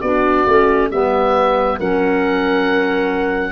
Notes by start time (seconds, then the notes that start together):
0.00 B3 D4 F#4 D5
0.46 A3 C#4
0.90 G3 B3 B4 E5
1.78 F#3 C#4 A#4 F#5